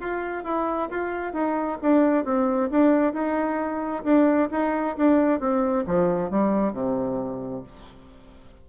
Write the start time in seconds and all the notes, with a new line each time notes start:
0.00 F4
0.44 E4
0.90 F4
1.33 D#4
1.82 D4
2.25 C4
2.70 D4
3.13 D#4
4.04 D4
4.51 D#4
4.97 D4
5.40 C4
5.86 F3
6.30 G3
6.73 C3